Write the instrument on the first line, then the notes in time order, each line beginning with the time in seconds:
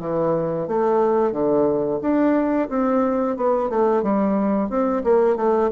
bassoon
0.00 E3
0.68 A3
1.32 D3
2.01 D4
2.69 C4
3.37 B3
3.70 A3
4.03 G3
4.69 C4
5.04 A#3
5.37 A3